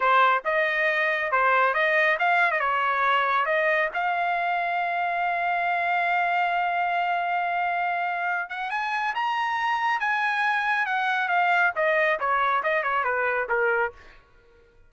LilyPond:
\new Staff \with { instrumentName = "trumpet" } { \time 4/4 \tempo 4 = 138 c''4 dis''2 c''4 | dis''4 f''8. dis''16 cis''2 | dis''4 f''2.~ | f''1~ |
f''2.~ f''8 fis''8 | gis''4 ais''2 gis''4~ | gis''4 fis''4 f''4 dis''4 | cis''4 dis''8 cis''8 b'4 ais'4 | }